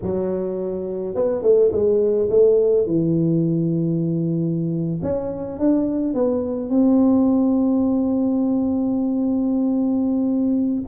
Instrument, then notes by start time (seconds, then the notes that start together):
tuba
0.02 F#3
1.14 B3
1.42 A3
1.72 G#3
2.29 A3
2.86 E3
5.02 C#4
5.58 D4
6.14 B3
6.69 C4